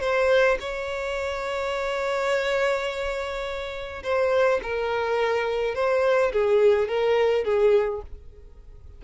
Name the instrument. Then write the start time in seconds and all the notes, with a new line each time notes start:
violin
0.00 C5
0.60 C#5
4.03 C5
4.63 A#4
5.75 C5
6.32 G#4
6.88 A#4
7.44 G#4